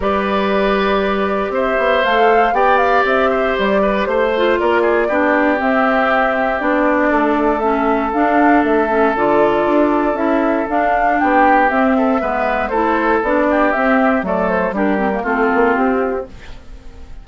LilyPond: <<
  \new Staff \with { instrumentName = "flute" } { \time 4/4 \tempo 4 = 118 d''2. e''4 | f''4 g''8 f''8 e''4 d''4 | c''4 d''2 e''4~ | e''4 d''2 e''4 |
f''4 e''4 d''2 | e''4 f''4 g''4 e''4~ | e''4 c''4 d''4 e''4 | d''8 c''8 ais'4 a'4 g'4 | }
  \new Staff \with { instrumentName = "oboe" } { \time 4/4 b'2. c''4~ | c''4 d''4. c''4 b'8 | c''4 ais'8 gis'8 g'2~ | g'2 a'2~ |
a'1~ | a'2 g'4. a'8 | b'4 a'4. g'4. | a'4 g'4 f'2 | }
  \new Staff \with { instrumentName = "clarinet" } { \time 4/4 g'1 | a'4 g'2.~ | g'8 f'4. d'4 c'4~ | c'4 d'2 cis'4 |
d'4. cis'8 f'2 | e'4 d'2 c'4 | b4 e'4 d'4 c'4 | a4 d'8 c'16 ais16 c'2 | }
  \new Staff \with { instrumentName = "bassoon" } { \time 4/4 g2. c'8 b8 | a4 b4 c'4 g4 | a4 ais4 b4 c'4~ | c'4 b4 a2 |
d'4 a4 d4 d'4 | cis'4 d'4 b4 c'4 | gis4 a4 b4 c'4 | fis4 g4 a8 ais8 c'4 | }
>>